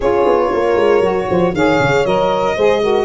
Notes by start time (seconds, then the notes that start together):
0.00 C#4 F4 G#4 C#5
0.25 B3
0.51 A#3 A#4
0.76 G#3
1.00 F#3 F#4
1.29 F3 C5
1.53 D#3 G#4 C#5 F5
1.79 C#3
2.05 F#3 A#4 D#5
2.56 G#3 G#4 C5
2.81 F#4 A#4